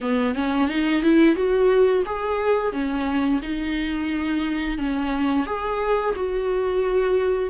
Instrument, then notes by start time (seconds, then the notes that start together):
viola
0.00 B3
0.34 C#4
0.68 D#4
1.02 E4
1.35 F#4
2.05 G#4
2.72 C#4
3.42 D#4
4.77 C#4
5.46 G#4
6.15 F#4